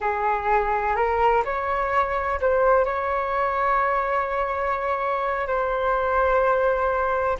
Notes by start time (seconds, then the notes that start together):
0.00 G#4
0.95 A#4
1.44 C#5
2.41 C5
2.85 C#5
5.47 C5